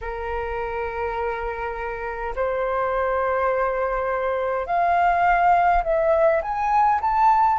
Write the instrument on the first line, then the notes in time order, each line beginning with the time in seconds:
flute
0.01 A#4
2.35 C5
4.66 F5
5.83 E5
6.42 G#5
7.01 A5